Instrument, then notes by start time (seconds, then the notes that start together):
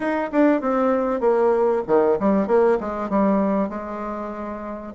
bassoon
0.00 D#4
0.31 D4
0.61 C4
1.20 A#3
1.87 D#3
2.19 G3
2.47 A#3
2.80 G#3
3.09 G3
3.69 G#3